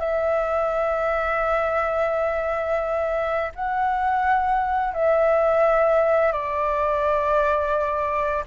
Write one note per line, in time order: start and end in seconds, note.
0.00 3.53 E5
3.56 4.94 F#5
4.94 6.33 E5
6.33 8.44 D5